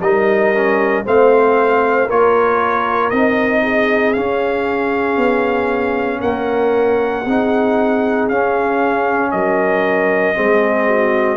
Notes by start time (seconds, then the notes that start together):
0.00 G3 D#4 A#4 D#5
0.55 C#4
1.05 A3 C4 C5 F5
2.06 A#3 F4 A#4 C#5
3.10 C4 D#4 D#5
3.62 G#4
4.13 C#4 F5
5.17 B3
6.20 A#3 A#4 F#5
7.24 C4 D#4 G#4
8.29 C#4 F5
9.31 F#3 A#4 D#5
10.34 G#3 C4 G#4
10.87 F#4